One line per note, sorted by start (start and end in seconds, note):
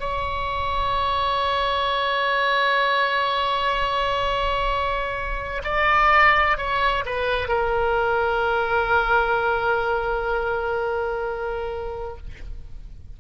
0.00 5.62 C#5
5.64 6.58 D5
6.58 7.04 C#5
7.06 7.48 B4
7.48 12.17 A#4